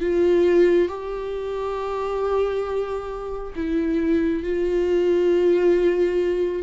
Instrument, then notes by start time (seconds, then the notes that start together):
viola
0.00 F4
0.88 G4
3.55 E4
4.43 F4